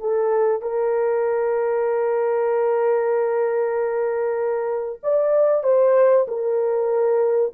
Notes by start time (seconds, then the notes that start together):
0.00 A4
0.62 A#4
5.03 D5
5.64 C5
6.28 A#4